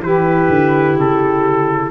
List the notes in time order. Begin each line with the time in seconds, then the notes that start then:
0.00 E3 E4 G4 B4
0.48 D3
0.95 C#3 A4